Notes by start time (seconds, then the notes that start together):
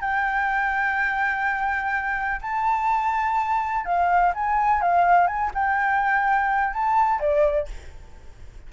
0.00 G5
2.41 A5
3.84 F5
4.34 G#5
4.81 F5
5.27 G#5
5.54 G5
6.73 A5
7.20 D5